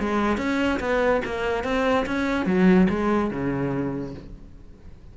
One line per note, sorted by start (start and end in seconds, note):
0.00 0.38 G#3
0.38 0.80 C#4
0.80 1.22 B3
1.25 1.64 A#3
1.64 2.06 C4
2.06 2.46 C#4
2.46 2.88 F#3
2.89 3.31 G#3
3.31 4.14 C#3